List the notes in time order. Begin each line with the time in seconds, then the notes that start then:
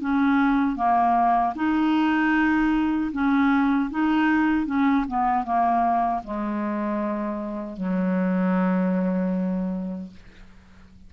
0.00 C#4
0.75 A#3
1.55 D#4
3.12 C#4
3.90 D#4
4.66 C#4
5.07 B3
5.44 A#3
6.24 G#3
7.76 F#3